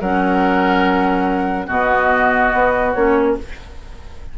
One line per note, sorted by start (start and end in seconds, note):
0.00 1.68 F#3
0.00 1.67 C#4
0.00 1.66 A#4
0.00 1.68 F#5
1.66 2.53 B2
1.66 2.93 B3
1.66 3.34 F#4
1.66 2.92 D#5
2.53 2.95 B3
2.92 3.37 A#3
2.92 3.38 C#4
2.92 3.34 C#5